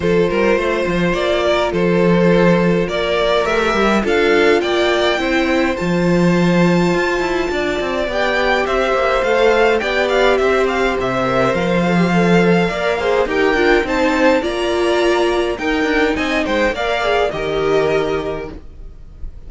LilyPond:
<<
  \new Staff \with { instrumentName = "violin" } { \time 4/4 \tempo 4 = 104 c''2 d''4 c''4~ | c''4 d''4 e''4 f''4 | g''2 a''2~ | a''2 g''4 e''4 |
f''4 g''8 f''8 e''8 f''8 e''4 | f''2. g''4 | a''4 ais''2 g''4 | gis''8 g''8 f''4 dis''2 | }
  \new Staff \with { instrumentName = "violin" } { \time 4/4 a'8 ais'8 c''4. ais'8 a'4~ | a'4 ais'2 a'4 | d''4 c''2.~ | c''4 d''2 c''4~ |
c''4 d''4 c''2~ | c''2 d''8 c''8 ais'4 | c''4 d''2 ais'4 | dis''8 c''8 d''4 ais'2 | }
  \new Staff \with { instrumentName = "viola" } { \time 4/4 f'1~ | f'2 g'4 f'4~ | f'4 e'4 f'2~ | f'2 g'2 |
a'4 g'2~ g'8 ais'8~ | ais'8 a'16 g'16 a'4 ais'8 gis'8 g'8 f'8 | dis'4 f'2 dis'4~ | dis'4 ais'8 gis'8 g'2 | }
  \new Staff \with { instrumentName = "cello" } { \time 4/4 f8 g8 a8 f8 ais4 f4~ | f4 ais4 a8 g8 d'4 | ais4 c'4 f2 | f'8 e'8 d'8 c'8 b4 c'8 ais8 |
a4 b4 c'4 c4 | f2 ais4 dis'8 d'8 | c'4 ais2 dis'8 d'8 | c'8 gis8 ais4 dis2 | }
>>